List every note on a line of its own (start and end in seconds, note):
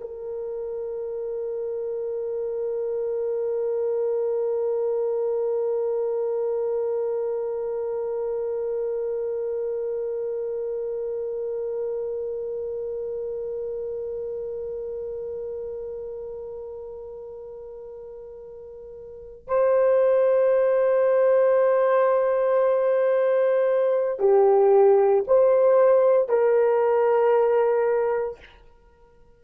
0.00 19.47 A#4
19.47 24.19 C5
24.19 25.24 G4
25.27 26.29 C5
26.29 28.39 A#4